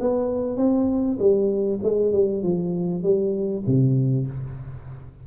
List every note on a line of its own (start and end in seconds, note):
0.00 0.57 B3
0.57 1.17 C4
1.19 1.79 G3
1.83 2.12 G#3
2.12 2.43 G3
2.43 3.03 F3
3.03 3.63 G3
3.66 4.27 C3